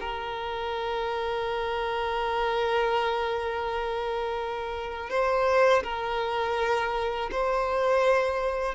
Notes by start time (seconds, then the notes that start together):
0.00 A#4
5.10 C5
5.83 A#4
7.31 C5